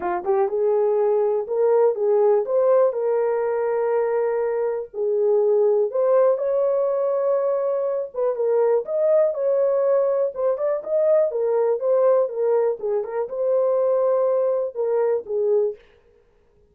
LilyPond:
\new Staff \with { instrumentName = "horn" } { \time 4/4 \tempo 4 = 122 f'8 g'8 gis'2 ais'4 | gis'4 c''4 ais'2~ | ais'2 gis'2 | c''4 cis''2.~ |
cis''8 b'8 ais'4 dis''4 cis''4~ | cis''4 c''8 d''8 dis''4 ais'4 | c''4 ais'4 gis'8 ais'8 c''4~ | c''2 ais'4 gis'4 | }